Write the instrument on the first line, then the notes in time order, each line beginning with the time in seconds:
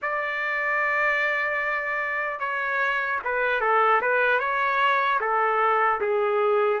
trumpet
0.01 D5
2.39 C#5
3.24 B4
3.60 A4
4.01 B4
4.39 C#5
5.20 A4
6.00 G#4